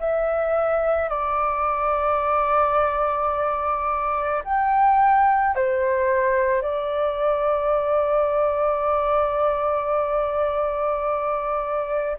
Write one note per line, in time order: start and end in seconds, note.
0.00 1.10 E5
1.10 4.43 D5
4.45 5.56 G5
5.56 6.62 C5
6.62 12.18 D5